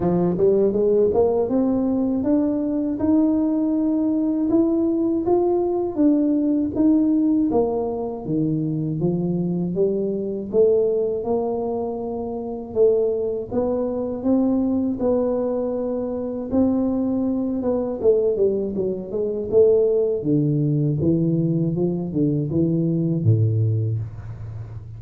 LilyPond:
\new Staff \with { instrumentName = "tuba" } { \time 4/4 \tempo 4 = 80 f8 g8 gis8 ais8 c'4 d'4 | dis'2 e'4 f'4 | d'4 dis'4 ais4 dis4 | f4 g4 a4 ais4~ |
ais4 a4 b4 c'4 | b2 c'4. b8 | a8 g8 fis8 gis8 a4 d4 | e4 f8 d8 e4 a,4 | }